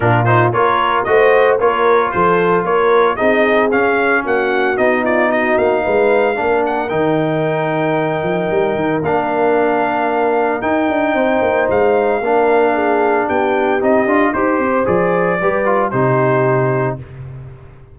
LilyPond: <<
  \new Staff \with { instrumentName = "trumpet" } { \time 4/4 \tempo 4 = 113 ais'8 c''8 cis''4 dis''4 cis''4 | c''4 cis''4 dis''4 f''4 | fis''4 dis''8 d''8 dis''8 f''4.~ | f''8 fis''8 g''2.~ |
g''4 f''2. | g''2 f''2~ | f''4 g''4 dis''4 c''4 | d''2 c''2 | }
  \new Staff \with { instrumentName = "horn" } { \time 4/4 f'4 ais'4 c''4 ais'4 | a'4 ais'4 gis'2 | fis'4. f'8 fis'4 b'4 | ais'1~ |
ais'1~ | ais'4 c''2 ais'4 | gis'4 g'2 c''4~ | c''4 b'4 g'2 | }
  \new Staff \with { instrumentName = "trombone" } { \time 4/4 d'8 dis'8 f'4 fis'4 f'4~ | f'2 dis'4 cis'4~ | cis'4 dis'2. | d'4 dis'2.~ |
dis'4 d'2. | dis'2. d'4~ | d'2 dis'8 f'8 g'4 | gis'4 g'8 f'8 dis'2 | }
  \new Staff \with { instrumentName = "tuba" } { \time 4/4 ais,4 ais4 a4 ais4 | f4 ais4 c'4 cis'4 | ais4 b4. ais8 gis4 | ais4 dis2~ dis8 f8 |
g8 dis8 ais2. | dis'8 d'8 c'8 ais8 gis4 ais4~ | ais4 b4 c'8 d'8 dis'8 c'8 | f4 g4 c2 | }
>>